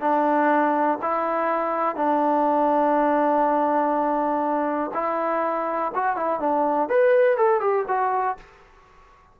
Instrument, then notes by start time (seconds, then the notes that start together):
trombone
0.00 D4
1.02 E4
1.96 D4
4.93 E4
5.94 F#4
6.16 E4
6.39 D4
6.89 B4
7.37 A4
7.60 G4
7.88 F#4